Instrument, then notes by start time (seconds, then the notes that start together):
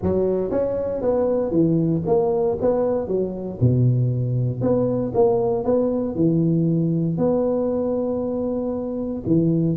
tuba
0.02 F#3
0.50 C#4
1.01 B3
1.51 E3
2.06 A#3
2.61 B3
3.07 F#3
3.60 B2
4.61 B3
5.14 A#3
5.64 B3
6.15 E3
7.17 B3
9.26 E3